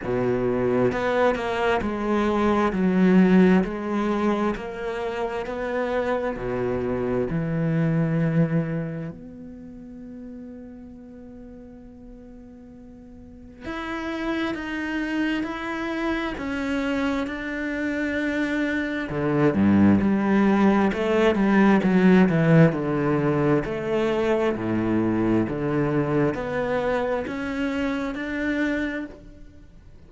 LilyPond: \new Staff \with { instrumentName = "cello" } { \time 4/4 \tempo 4 = 66 b,4 b8 ais8 gis4 fis4 | gis4 ais4 b4 b,4 | e2 b2~ | b2. e'4 |
dis'4 e'4 cis'4 d'4~ | d'4 d8 g,8 g4 a8 g8 | fis8 e8 d4 a4 a,4 | d4 b4 cis'4 d'4 | }